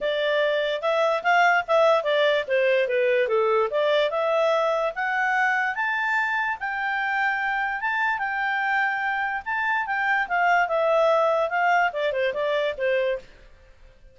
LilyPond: \new Staff \with { instrumentName = "clarinet" } { \time 4/4 \tempo 4 = 146 d''2 e''4 f''4 | e''4 d''4 c''4 b'4 | a'4 d''4 e''2 | fis''2 a''2 |
g''2. a''4 | g''2. a''4 | g''4 f''4 e''2 | f''4 d''8 c''8 d''4 c''4 | }